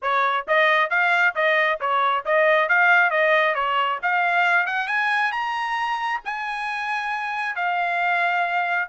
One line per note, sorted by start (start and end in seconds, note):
0.02 0.46 C#5
0.47 0.90 D#5
0.90 1.34 F5
1.35 1.79 D#5
1.80 2.24 C#5
2.25 2.68 D#5
2.68 3.10 F5
3.10 3.54 D#5
3.54 3.99 C#5
4.02 4.66 F5
4.66 4.87 F#5
4.87 5.32 G#5
5.32 6.21 A#5
6.24 7.55 G#5
7.55 8.88 F5